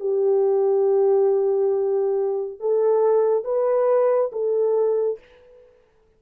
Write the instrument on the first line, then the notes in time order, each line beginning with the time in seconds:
horn
0.00 G4
2.60 A4
3.44 B4
4.32 A4